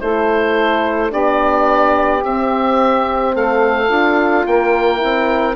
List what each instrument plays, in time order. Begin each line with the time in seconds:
0.00 bassoon A3, horn E4, saxophone A4, oboe C5
1.10 bassoon B3, horn D4, saxophone G4, oboe D5
2.23 horn C4, bassoon C4, oboe E5
3.34 bassoon A3, saxophone A4, oboe F5
3.87 bassoon D4, horn F4
4.46 bassoon A#3, saxophone A#4, oboe G5
4.97 bassoon C4, horn E4